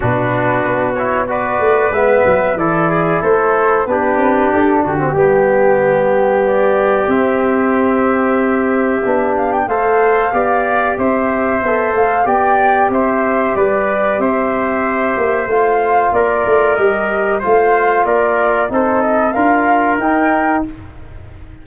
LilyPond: <<
  \new Staff \with { instrumentName = "flute" } { \time 4/4 \tempo 4 = 93 b'4. cis''8 d''4 e''4 | d''4 c''4 b'4 a'8 g'8~ | g'2 d''4 e''4~ | e''2~ e''8 f''16 g''16 f''4~ |
f''4 e''4. f''8 g''4 | e''4 d''4 e''2 | f''4 d''4 dis''4 f''4 | d''4 c''8 dis''8 f''4 g''4 | }
  \new Staff \with { instrumentName = "trumpet" } { \time 4/4 fis'2 b'2 | a'8 gis'8 a'4 g'4. fis'8 | g'1~ | g'2. c''4 |
d''4 c''2 d''4 | c''4 b'4 c''2~ | c''4 ais'2 c''4 | ais'4 a'4 ais'2 | }
  \new Staff \with { instrumentName = "trombone" } { \time 4/4 d'4. e'8 fis'4 b4 | e'2 d'4.~ d'16 c'16 | b2. c'4~ | c'2 d'4 a'4 |
g'2 a'4 g'4~ | g'1 | f'2 g'4 f'4~ | f'4 dis'4 f'4 dis'4 | }
  \new Staff \with { instrumentName = "tuba" } { \time 4/4 b,4 b4. a8 gis8 fis8 | e4 a4 b8 c'8 d'8 d8 | g2. c'4~ | c'2 b4 a4 |
b4 c'4 b8 a8 b4 | c'4 g4 c'4. ais8 | a4 ais8 a8 g4 a4 | ais4 c'4 d'4 dis'4 | }
>>